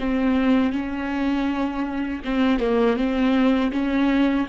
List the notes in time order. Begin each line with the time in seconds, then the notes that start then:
0.00 C4
0.72 C#4
2.24 C4
2.59 A#3
2.96 C4
3.72 C#4